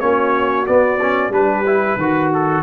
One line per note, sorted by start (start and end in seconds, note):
0.00 0.67 A#3
0.00 0.66 C#4
0.00 1.35 F#4
0.00 0.66 C#5
0.66 1.00 B3
0.66 1.29 B3
0.66 1.32 D5
1.01 1.31 C#4
1.29 1.95 G3
1.29 1.64 D4
1.29 2.32 B4
1.35 1.98 G4
1.66 1.99 E4
1.96 2.62 D#3
1.96 2.63 F#4
2.34 2.63 A4